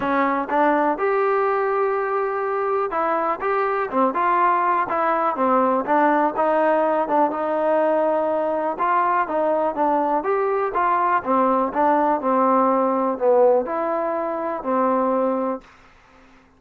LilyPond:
\new Staff \with { instrumentName = "trombone" } { \time 4/4 \tempo 4 = 123 cis'4 d'4 g'2~ | g'2 e'4 g'4 | c'8 f'4. e'4 c'4 | d'4 dis'4. d'8 dis'4~ |
dis'2 f'4 dis'4 | d'4 g'4 f'4 c'4 | d'4 c'2 b4 | e'2 c'2 | }